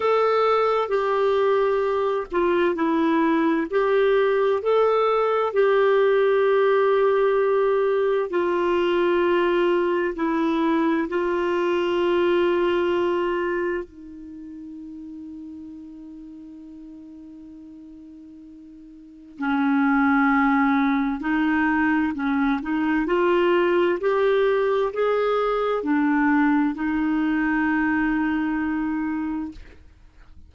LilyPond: \new Staff \with { instrumentName = "clarinet" } { \time 4/4 \tempo 4 = 65 a'4 g'4. f'8 e'4 | g'4 a'4 g'2~ | g'4 f'2 e'4 | f'2. dis'4~ |
dis'1~ | dis'4 cis'2 dis'4 | cis'8 dis'8 f'4 g'4 gis'4 | d'4 dis'2. | }